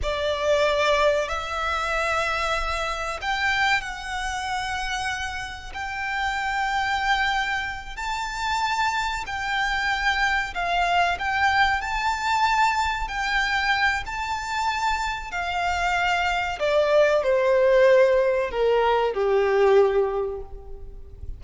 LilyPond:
\new Staff \with { instrumentName = "violin" } { \time 4/4 \tempo 4 = 94 d''2 e''2~ | e''4 g''4 fis''2~ | fis''4 g''2.~ | g''8 a''2 g''4.~ |
g''8 f''4 g''4 a''4.~ | a''8 g''4. a''2 | f''2 d''4 c''4~ | c''4 ais'4 g'2 | }